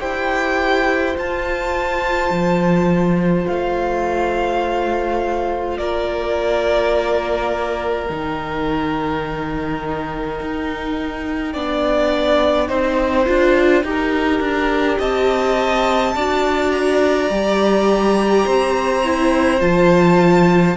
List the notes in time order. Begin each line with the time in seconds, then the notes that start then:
0.00 E4 G4 C5 G5
1.15 F4 A5
2.30 F3
3.46 A3 F5
5.77 A#3 A#4 D5
8.08 D#3 D#4 G5
10.41 D#4
11.53 B3 D4 D5
12.67 C4 D#4 C5
13.25 D4 F4
13.83 D#4 G4
13.90 A#4
14.40 D4
14.98 C4 D#5 A5
16.15 D4 F#4 D5
16.71 A#5
17.30 G3 G4
18.45 C4 C5
19.03 E4
19.60 F3 F4 A5